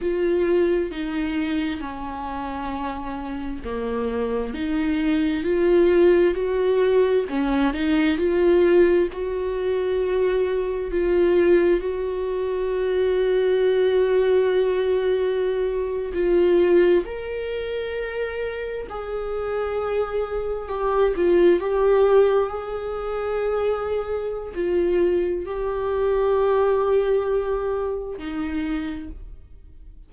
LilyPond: \new Staff \with { instrumentName = "viola" } { \time 4/4 \tempo 4 = 66 f'4 dis'4 cis'2 | ais4 dis'4 f'4 fis'4 | cis'8 dis'8 f'4 fis'2 | f'4 fis'2.~ |
fis'4.~ fis'16 f'4 ais'4~ ais'16~ | ais'8. gis'2 g'8 f'8 g'16~ | g'8. gis'2~ gis'16 f'4 | g'2. dis'4 | }